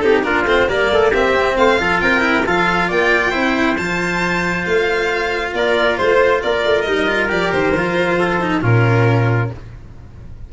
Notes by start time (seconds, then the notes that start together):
0.00 C4 D#4 G4 A4
0.23 A#3 D4 F4 A#4
0.45 A3 C4 C5
0.68 G3 A#3 A#4 D5
0.91 A3 A4
1.11 A#3 C4 G4 E5
1.34 C4
1.57 A3 C5 F5
1.79 F3 F4 A4
2.01 C4 A#4 G5
2.21 E4
2.46 F3 F4 A4 F5
2.88 A#3 D5 G5
3.31 C4 E4 C5
3.77 F3 F4 A5
4.66 A3 F5
5.54 A#3 A#4 D5
5.97 A3 C5
6.43 A#3 A#4 D5
6.65 A3
6.82 G3 D#4 D#5
7.07 F4
7.29 F3 G4 D5
7.52 D#3 C5
7.74 F3 F4
8.19 A4
8.41 D#4
8.62 A#2 C#4 F4 A#4